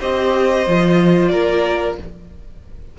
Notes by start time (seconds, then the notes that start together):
0.00 C4 G4 C5 D#5
0.67 F3 F4
1.29 A#3 A#4 D5